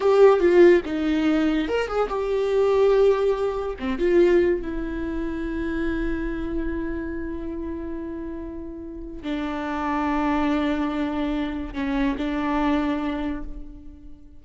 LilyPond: \new Staff \with { instrumentName = "viola" } { \time 4/4 \tempo 4 = 143 g'4 f'4 dis'2 | ais'8 gis'8 g'2.~ | g'4 c'8 f'4. e'4~ | e'1~ |
e'1~ | e'2 d'2~ | d'1 | cis'4 d'2. | }